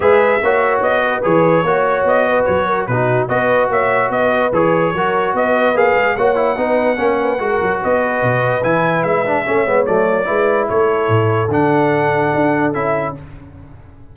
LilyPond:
<<
  \new Staff \with { instrumentName = "trumpet" } { \time 4/4 \tempo 4 = 146 e''2 dis''4 cis''4~ | cis''4 dis''4 cis''4 b'4 | dis''4 e''4 dis''4 cis''4~ | cis''4 dis''4 f''4 fis''4~ |
fis''2. dis''4~ | dis''4 gis''4 e''2 | d''2 cis''2 | fis''2. e''4 | }
  \new Staff \with { instrumentName = "horn" } { \time 4/4 b'4 cis''4. b'4. | cis''4. b'4 ais'8 fis'4 | b'4 cis''4 b'2 | ais'4 b'2 cis''4 |
b'4 cis''8 b'8 ais'4 b'4~ | b'2. cis''4~ | cis''4 b'4 a'2~ | a'1 | }
  \new Staff \with { instrumentName = "trombone" } { \time 4/4 gis'4 fis'2 gis'4 | fis'2. dis'4 | fis'2. gis'4 | fis'2 gis'4 fis'8 e'8 |
dis'4 cis'4 fis'2~ | fis'4 e'4. d'8 cis'8 b8 | a4 e'2. | d'2. e'4 | }
  \new Staff \with { instrumentName = "tuba" } { \time 4/4 gis4 ais4 b4 e4 | ais4 b4 fis4 b,4 | b4 ais4 b4 e4 | fis4 b4 ais8 gis8 ais4 |
b4 ais4 gis8 fis8 b4 | b,4 e4 gis4 a8 gis8 | fis4 gis4 a4 a,4 | d2 d'4 cis'4 | }
>>